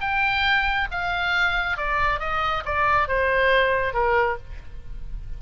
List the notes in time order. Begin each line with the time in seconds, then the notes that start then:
0.00 G5
0.91 F5
1.77 D5
2.19 D#5
2.65 D5
3.08 C5
3.93 A#4